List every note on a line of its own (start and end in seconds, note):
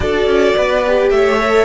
0.00 0.26 D4
0.00 0.83 F#4
0.00 0.55 A4
0.00 1.08 D5
0.26 0.54 C#4
0.55 1.10 B3
0.55 1.11 B4
0.86 1.39 G4
1.10 1.64 A3
1.10 1.64 C#5
1.10 1.64 E5
1.39 1.64 A4